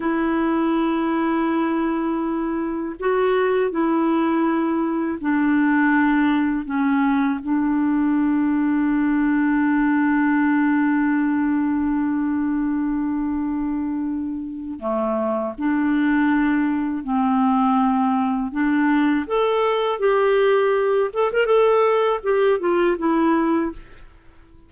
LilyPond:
\new Staff \with { instrumentName = "clarinet" } { \time 4/4 \tempo 4 = 81 e'1 | fis'4 e'2 d'4~ | d'4 cis'4 d'2~ | d'1~ |
d'1 | a4 d'2 c'4~ | c'4 d'4 a'4 g'4~ | g'8 a'16 ais'16 a'4 g'8 f'8 e'4 | }